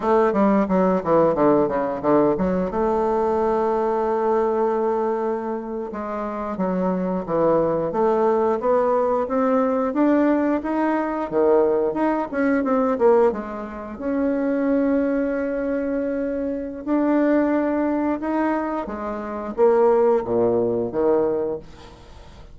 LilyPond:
\new Staff \with { instrumentName = "bassoon" } { \time 4/4 \tempo 4 = 89 a8 g8 fis8 e8 d8 cis8 d8 fis8 | a1~ | a8. gis4 fis4 e4 a16~ | a8. b4 c'4 d'4 dis'16~ |
dis'8. dis4 dis'8 cis'8 c'8 ais8 gis16~ | gis8. cis'2.~ cis'16~ | cis'4 d'2 dis'4 | gis4 ais4 ais,4 dis4 | }